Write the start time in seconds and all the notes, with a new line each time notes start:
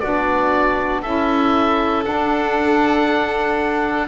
0.00 B3 D4 F#4 D5
1.02 C#4 E4 A4 E5
2.03 D4 F#5